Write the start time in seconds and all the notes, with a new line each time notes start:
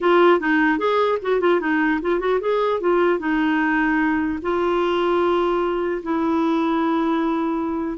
0.01 F4
0.39 D#4
0.78 G#4
1.22 F#4
1.40 F4
1.60 D#4
2.01 F4
2.19 F#4
2.40 G#4
2.80 F4
3.19 D#4
4.42 F4
6.03 E4